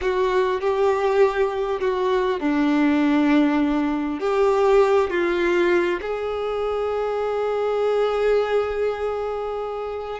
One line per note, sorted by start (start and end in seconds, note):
0.01 0.60 F#4
0.60 1.80 G4
1.80 2.40 F#4
2.40 4.20 D4
4.20 5.10 G4
5.10 6.00 F4
6.01 10.19 G#4